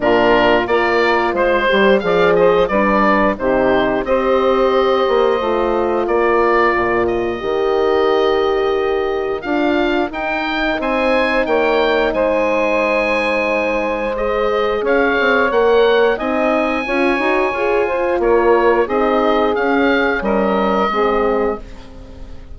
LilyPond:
<<
  \new Staff \with { instrumentName = "oboe" } { \time 4/4 \tempo 4 = 89 ais'4 d''4 c''4 f''8 dis''8 | d''4 c''4 dis''2~ | dis''4 d''4. dis''4.~ | dis''2 f''4 g''4 |
gis''4 g''4 gis''2~ | gis''4 dis''4 f''4 fis''4 | gis''2. cis''4 | dis''4 f''4 dis''2 | }
  \new Staff \with { instrumentName = "saxophone" } { \time 4/4 f'4 ais'4 c''4 d''8 c''8 | b'4 g'4 c''2~ | c''4 ais'2.~ | ais'1 |
c''4 cis''4 c''2~ | c''2 cis''2 | dis''4 cis''4. c''8 ais'4 | gis'2 ais'4 gis'4 | }
  \new Staff \with { instrumentName = "horn" } { \time 4/4 d'4 f'4. g'8 gis'4 | d'4 dis'4 g'2 | f'2. g'4~ | g'2 f'4 dis'4~ |
dis'1~ | dis'4 gis'2 ais'4 | dis'4 f'8 fis'8 gis'8 f'4. | dis'4 cis'2 c'4 | }
  \new Staff \with { instrumentName = "bassoon" } { \time 4/4 ais,4 ais4 gis8 g8 f4 | g4 c4 c'4. ais8 | a4 ais4 ais,4 dis4~ | dis2 d'4 dis'4 |
c'4 ais4 gis2~ | gis2 cis'8 c'8 ais4 | c'4 cis'8 dis'8 f'4 ais4 | c'4 cis'4 g4 gis4 | }
>>